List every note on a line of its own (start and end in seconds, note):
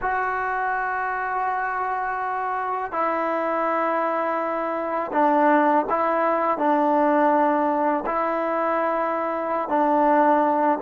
0.01 2.91 F#4
2.91 5.11 E4
5.12 5.85 D4
5.89 6.58 E4
6.58 8.04 D4
8.06 9.69 E4
9.69 10.78 D4